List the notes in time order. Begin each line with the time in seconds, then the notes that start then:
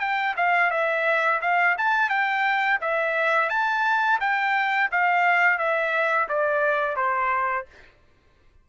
0.00 G5
0.37 F5
0.71 E5
1.41 F5
1.78 A5
2.09 G5
2.81 E5
3.49 A5
4.21 G5
4.92 F5
5.58 E5
6.29 D5
6.96 C5